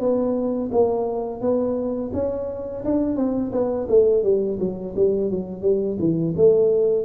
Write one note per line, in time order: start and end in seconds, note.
0.00 0.71 B3
0.72 1.41 A#3
1.41 2.12 B3
2.14 2.85 C#4
2.85 3.16 D4
3.16 3.52 C4
3.53 3.88 B3
3.89 4.24 A3
4.24 4.59 G3
4.60 4.95 F#3
4.97 5.31 G3
5.31 5.62 F#3
5.62 5.97 G3
6.00 6.35 E3
6.37 7.06 A3